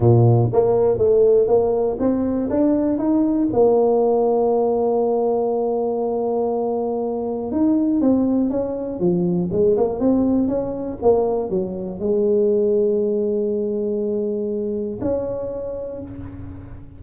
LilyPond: \new Staff \with { instrumentName = "tuba" } { \time 4/4 \tempo 4 = 120 ais,4 ais4 a4 ais4 | c'4 d'4 dis'4 ais4~ | ais1~ | ais2. dis'4 |
c'4 cis'4 f4 gis8 ais8 | c'4 cis'4 ais4 fis4 | gis1~ | gis2 cis'2 | }